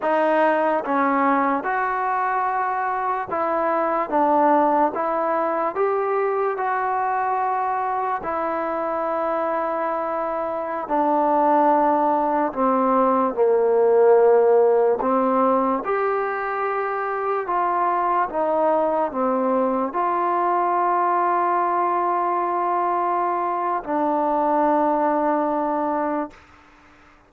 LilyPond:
\new Staff \with { instrumentName = "trombone" } { \time 4/4 \tempo 4 = 73 dis'4 cis'4 fis'2 | e'4 d'4 e'4 g'4 | fis'2 e'2~ | e'4~ e'16 d'2 c'8.~ |
c'16 ais2 c'4 g'8.~ | g'4~ g'16 f'4 dis'4 c'8.~ | c'16 f'2.~ f'8.~ | f'4 d'2. | }